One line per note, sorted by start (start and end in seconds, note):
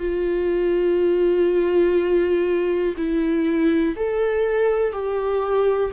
0.00 2.95 F4
2.97 3.96 E4
3.97 4.93 A4
4.93 5.92 G4